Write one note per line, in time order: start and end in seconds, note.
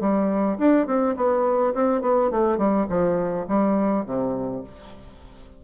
0.00 0.58 G3
0.58 0.87 D4
0.87 1.15 C4
1.16 1.74 B3
1.74 2.02 C4
2.02 2.31 B3
2.31 2.58 A3
2.58 2.87 G3
2.89 3.47 F3
3.48 4.05 G3
4.05 4.63 C3